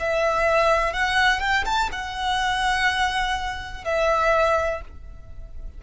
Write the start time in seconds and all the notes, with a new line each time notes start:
0.00 E5
0.93 F#5
1.40 G5
1.65 A5
1.92 F#5
3.84 E5